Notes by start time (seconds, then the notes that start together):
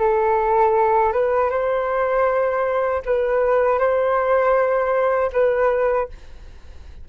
0.00 A4
1.13 B4
1.51 C5
3.06 B4
3.79 C5
5.33 B4